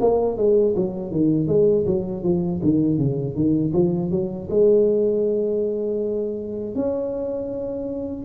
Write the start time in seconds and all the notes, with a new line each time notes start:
0.00 A#3
0.37 G#3
0.76 F#3
1.11 D#3
1.47 G#3
1.86 F#3
2.23 F3
2.62 D#3
2.97 C#3
3.35 D#3
3.73 F3
4.10 F#3
4.50 G#3
6.75 C#4